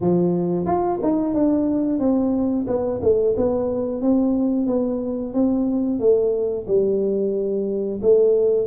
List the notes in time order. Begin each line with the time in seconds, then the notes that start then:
0.00 F3
0.65 F4
1.02 D#4
1.34 D4
1.99 C4
2.67 B3
3.02 A3
3.36 B3
4.01 C4
4.66 B3
5.33 C4
5.99 A3
6.67 G3
8.02 A3